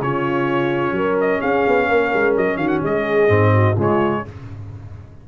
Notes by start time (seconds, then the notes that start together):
0.00 C#3 C#4 F4 C#5
0.92 F#3 A#4
1.20 D#5
1.40 C#4 G#4 F5
1.67 B3
1.88 A#3 A#4
2.13 G#3
2.36 F#3 D#5
2.57 D#3 F#4 F5
2.67 F#5
2.81 G#3 G#4 D#5
3.28 G#2 C4
3.54 F#4
3.75 C#3 G#3 F4 C#5